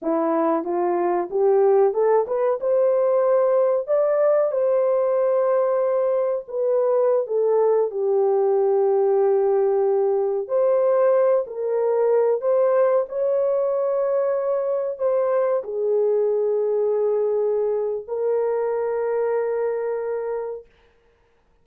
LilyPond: \new Staff \with { instrumentName = "horn" } { \time 4/4 \tempo 4 = 93 e'4 f'4 g'4 a'8 b'8 | c''2 d''4 c''4~ | c''2 b'4~ b'16 a'8.~ | a'16 g'2.~ g'8.~ |
g'16 c''4. ais'4. c''8.~ | c''16 cis''2. c''8.~ | c''16 gis'2.~ gis'8. | ais'1 | }